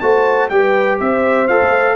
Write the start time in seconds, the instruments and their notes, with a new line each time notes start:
0.00 tuba A3, trombone F#4, horn C5, trumpet A5
0.49 tuba G3, trombone G4, horn B4, trumpet G5
1.00 tuba C4, horn C5, trumpet E5
1.48 tuba F4, trombone A4, trumpet F5
1.62 tuba A3